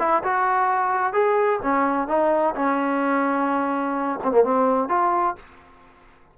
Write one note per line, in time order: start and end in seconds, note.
0.00 0.23 E4
0.24 1.13 F#4
1.13 1.60 G#4
1.63 2.08 C#4
2.08 2.55 D#4
2.56 4.20 C#4
4.24 4.32 C4
4.32 4.44 A#3
4.44 4.89 C4
4.89 5.36 F4